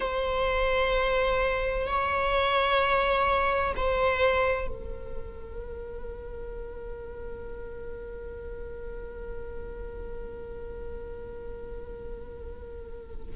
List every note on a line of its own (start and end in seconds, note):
0.00 1.87 C5
1.87 3.74 C#5
3.76 4.68 C5
4.68 13.35 A#4